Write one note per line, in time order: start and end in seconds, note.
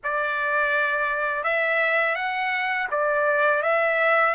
0.03 1.43 D5
1.43 2.15 E5
2.15 2.87 F#5
2.90 3.62 D5
3.62 4.34 E5